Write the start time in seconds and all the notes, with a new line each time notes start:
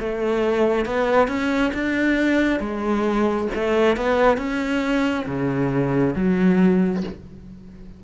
0.00 A3
0.86 B3
1.28 C#4
1.74 D4
2.60 G#3
3.55 A3
3.97 B3
4.38 C#4
5.27 C#3
6.16 F#3